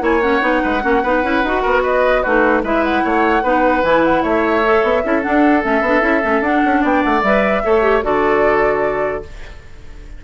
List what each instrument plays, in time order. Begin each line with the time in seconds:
0.00 bassoon A#3, clarinet E4, oboe C#5, flute G#5
0.21 clarinet C#4, flute F#5
0.41 bassoon B3, clarinet D#4
0.62 bassoon G#3, oboe B4
0.81 bassoon A#3, clarinet C#4, oboe F#4
1.02 bassoon B3, clarinet D#4, oboe B4
1.23 bassoon C#4, clarinet E4
1.43 bassoon D#4, clarinet F#4
1.62 bassoon B3, oboe A#4
1.82 oboe B4, flute D#5
2.22 bassoon A3, clarinet D#4, oboe F#4, flute B4
2.63 bassoon G#3, clarinet E4, oboe B4, flute E5
2.84 flute F#5
3.03 bassoon A3, oboe C#5
3.43 bassoon B3, clarinet D#4, oboe B4
3.82 bassoon E3, clarinet E4, flute G#5
4.04 flute F#5
4.22 bassoon A3, oboe C#5, flute E5
4.65 clarinet A4
4.83 bassoon B3
5.03 bassoon C#4, clarinet E4, oboe A4
5.21 clarinet D4, bassoon D4, flute F#5
5.62 bassoon A3, clarinet C#4, flute E5
5.81 bassoon B3, clarinet D4
6.01 bassoon C#4, clarinet E4
6.23 bassoon A3, clarinet C#4
6.41 bassoon D4, clarinet D4, flute F#5
6.65 bassoon C#4
6.81 bassoon B3, oboe D5, flute G5
7.02 bassoon A3, flute F#5
7.22 bassoon G3, clarinet B4, flute E5
7.64 bassoon A3, clarinet A4, oboe C#5
7.82 clarinet G4
8.02 bassoon D3, clarinet F#4, oboe A4, flute D5